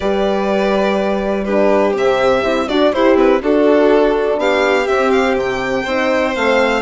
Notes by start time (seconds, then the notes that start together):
0.00 G3 G4 B4 D5
1.44 D4 G4 B4
1.94 C3 C4 E5
2.43 C4 E4
2.68 D4 F#4 D5
2.92 E4 G4 C5
3.15 C4 B4
3.40 D4 F#4 A4
4.37 B3 G4 F5
4.87 C4 E5
5.10 F5
5.34 C3 G5
5.83 C4 D#4 C5
6.34 A3 C4 F5